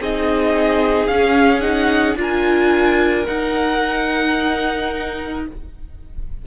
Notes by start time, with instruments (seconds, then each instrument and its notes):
0.00 cello C4, viola D#4, violin G#4 D#5
1.07 cello C#4, viola C#4, violin F5
1.60 viola D#4, violin F#5
2.15 cello D4, viola F4, violin A#4
2.22 violin G#5
3.27 cello D#4, viola D#4, violin F#5